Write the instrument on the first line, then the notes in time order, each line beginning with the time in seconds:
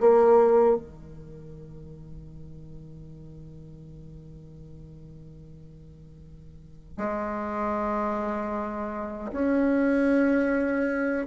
bassoon
0.00 A#3
0.76 D#3
6.98 G#3
9.32 C#4